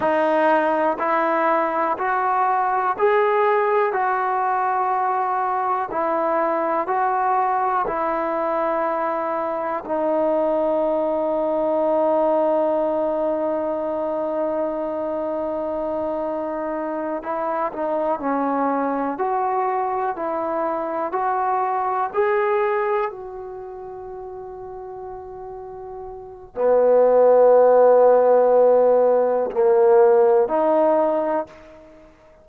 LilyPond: \new Staff \with { instrumentName = "trombone" } { \time 4/4 \tempo 4 = 61 dis'4 e'4 fis'4 gis'4 | fis'2 e'4 fis'4 | e'2 dis'2~ | dis'1~ |
dis'4. e'8 dis'8 cis'4 fis'8~ | fis'8 e'4 fis'4 gis'4 fis'8~ | fis'2. b4~ | b2 ais4 dis'4 | }